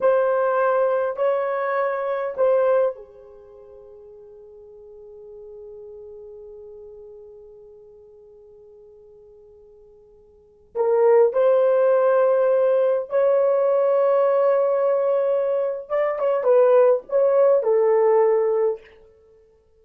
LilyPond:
\new Staff \with { instrumentName = "horn" } { \time 4/4 \tempo 4 = 102 c''2 cis''2 | c''4 gis'2.~ | gis'1~ | gis'1~ |
gis'2~ gis'16 ais'4 c''8.~ | c''2~ c''16 cis''4.~ cis''16~ | cis''2. d''8 cis''8 | b'4 cis''4 a'2 | }